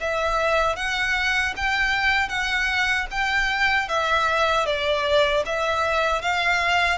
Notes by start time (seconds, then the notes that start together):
0.00 E5
0.76 F#5
1.56 G5
2.28 F#5
3.10 G5
3.88 E5
4.65 D5
5.45 E5
6.21 F5